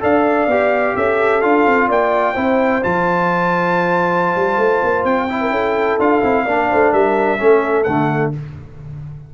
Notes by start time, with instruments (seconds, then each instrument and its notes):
0.00 tuba D4, trombone A4, horn D5, trumpet F5
0.47 tuba B3, trombone G4
0.96 tuba C#4, horn A4, trumpet E5
1.41 tuba D4, trombone F4, trumpet F5
1.66 tuba C4
1.87 tuba A#3, horn D5, trumpet G5
2.34 tuba C4, trombone E4, horn C5
2.82 tuba F3, trombone F4, trumpet A5
4.35 tuba G3
4.57 tuba A3
4.83 tuba A#3
5.04 tuba C4, trumpet G5
5.29 trombone E4
5.40 horn A#4
5.50 tuba C#4, horn A4
5.98 tuba D4, trombone F4, trumpet F5
6.22 tuba C4, trombone E4
6.44 tuba A#3, trombone D4, horn D5
6.69 tuba A3, horn C5
6.92 tuba G3, horn A#4, trumpet E5
7.38 tuba A3, trombone C#4, horn A4
7.83 tuba D3, trombone A3, trumpet F#5